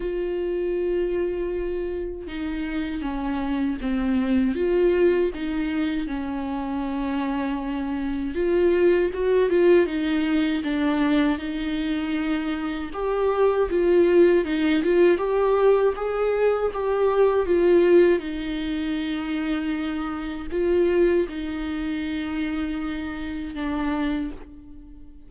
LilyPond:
\new Staff \with { instrumentName = "viola" } { \time 4/4 \tempo 4 = 79 f'2. dis'4 | cis'4 c'4 f'4 dis'4 | cis'2. f'4 | fis'8 f'8 dis'4 d'4 dis'4~ |
dis'4 g'4 f'4 dis'8 f'8 | g'4 gis'4 g'4 f'4 | dis'2. f'4 | dis'2. d'4 | }